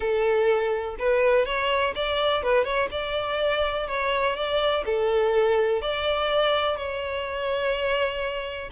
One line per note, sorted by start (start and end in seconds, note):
0.00 0.96 A4
0.98 1.45 B4
1.45 1.94 C#5
1.95 2.42 D5
2.42 2.64 B4
2.64 2.88 C#5
2.91 3.87 D5
3.87 4.35 C#5
4.36 4.84 D5
4.85 5.81 A4
5.81 6.76 D5
6.76 8.70 C#5